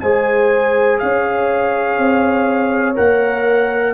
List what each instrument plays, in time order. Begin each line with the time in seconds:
0.00 tuba G#3, trombone G#4, horn C5, trumpet G#5
0.99 tuba C#4, horn C#5, trumpet F5
1.98 tuba C4
2.94 tuba A#3, trombone A#4, trumpet F#5